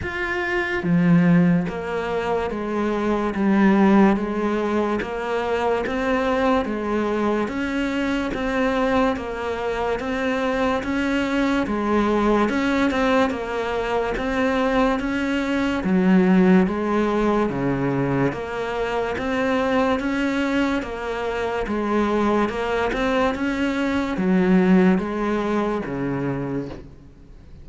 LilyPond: \new Staff \with { instrumentName = "cello" } { \time 4/4 \tempo 4 = 72 f'4 f4 ais4 gis4 | g4 gis4 ais4 c'4 | gis4 cis'4 c'4 ais4 | c'4 cis'4 gis4 cis'8 c'8 |
ais4 c'4 cis'4 fis4 | gis4 cis4 ais4 c'4 | cis'4 ais4 gis4 ais8 c'8 | cis'4 fis4 gis4 cis4 | }